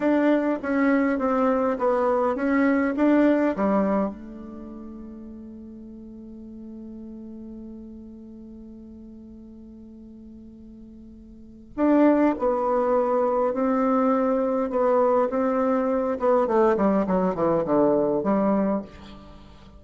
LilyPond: \new Staff \with { instrumentName = "bassoon" } { \time 4/4 \tempo 4 = 102 d'4 cis'4 c'4 b4 | cis'4 d'4 g4 a4~ | a1~ | a1~ |
a1 | d'4 b2 c'4~ | c'4 b4 c'4. b8 | a8 g8 fis8 e8 d4 g4 | }